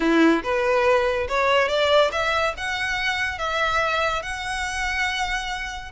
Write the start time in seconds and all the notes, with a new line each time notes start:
0.00 E4
0.43 B4
1.28 C#5
1.68 D5
2.11 E5
2.57 F#5
3.38 E5
4.22 F#5